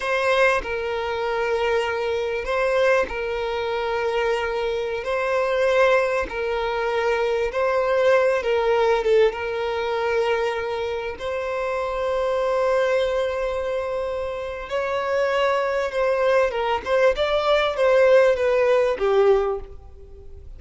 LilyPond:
\new Staff \with { instrumentName = "violin" } { \time 4/4 \tempo 4 = 98 c''4 ais'2. | c''4 ais'2.~ | ais'16 c''2 ais'4.~ ais'16~ | ais'16 c''4. ais'4 a'8 ais'8.~ |
ais'2~ ais'16 c''4.~ c''16~ | c''1 | cis''2 c''4 ais'8 c''8 | d''4 c''4 b'4 g'4 | }